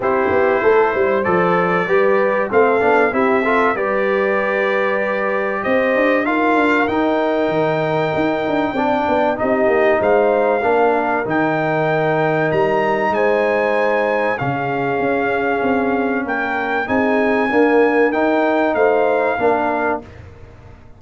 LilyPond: <<
  \new Staff \with { instrumentName = "trumpet" } { \time 4/4 \tempo 4 = 96 c''2 d''2 | f''4 e''4 d''2~ | d''4 dis''4 f''4 g''4~ | g''2. dis''4 |
f''2 g''2 | ais''4 gis''2 f''4~ | f''2 g''4 gis''4~ | gis''4 g''4 f''2 | }
  \new Staff \with { instrumentName = "horn" } { \time 4/4 g'4 a'8 c''4. b'4 | a'4 g'8 a'8 b'2~ | b'4 c''4 ais'2~ | ais'2 d''4 g'4 |
c''4 ais'2.~ | ais'4 c''2 gis'4~ | gis'2 ais'4 gis'4 | ais'2 c''4 ais'4 | }
  \new Staff \with { instrumentName = "trombone" } { \time 4/4 e'2 a'4 g'4 | c'8 d'8 e'8 f'8 g'2~ | g'2 f'4 dis'4~ | dis'2 d'4 dis'4~ |
dis'4 d'4 dis'2~ | dis'2. cis'4~ | cis'2. dis'4 | ais4 dis'2 d'4 | }
  \new Staff \with { instrumentName = "tuba" } { \time 4/4 c'8 b8 a8 g8 f4 g4 | a8 b8 c'4 g2~ | g4 c'8 d'8 dis'8 d'8 dis'4 | dis4 dis'8 d'8 c'8 b8 c'8 ais8 |
gis4 ais4 dis2 | g4 gis2 cis4 | cis'4 c'4 ais4 c'4 | d'4 dis'4 a4 ais4 | }
>>